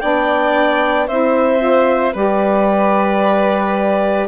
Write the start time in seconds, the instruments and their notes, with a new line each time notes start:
0.00 bassoon B3, saxophone D4, violin D5, clarinet G5
1.07 bassoon C4, saxophone E4, violin C5, clarinet E5
1.58 saxophone F4
2.14 bassoon G3, saxophone G4, violin B4, clarinet D5